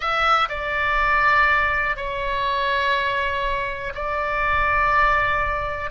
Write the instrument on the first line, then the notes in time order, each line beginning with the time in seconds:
oboe
0.00 E5
0.48 D5
1.96 C#5
3.94 D5